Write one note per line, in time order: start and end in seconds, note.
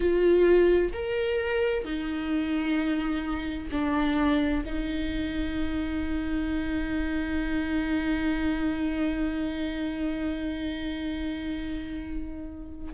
0.00 0.92 F4
0.92 1.84 A#4
1.84 3.68 D#4
3.71 4.64 D4
4.65 12.93 D#4